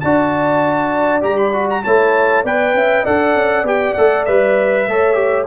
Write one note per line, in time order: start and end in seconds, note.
0.00 1.24 D4
0.00 1.21 F#4
0.00 1.84 D5
0.00 1.21 A5
1.21 1.84 G3
1.21 1.52 G4
1.21 1.37 A#5
1.37 1.68 B5
1.53 1.83 F#4
1.70 1.84 A#5
1.84 2.44 A3
1.84 2.46 E4
1.84 2.44 C#5
1.84 2.45 A5
2.44 2.74 B3
2.44 3.06 B4
2.44 2.75 D5
2.44 3.06 G5
2.74 3.04 C#4
2.74 3.04 E5
3.04 3.35 D4
3.04 3.65 A4
3.04 4.86 D5
3.04 3.66 F#5
3.35 3.64 C#4
3.64 3.94 B3
3.64 3.95 G4
3.64 3.94 G5
3.94 4.28 A3
3.94 4.28 A4
3.94 4.25 F#5
4.25 4.88 G3
4.25 4.88 B4
4.25 5.47 E5
4.88 5.47 A3
4.88 5.14 A4
4.88 5.47 C#5
5.14 5.45 G4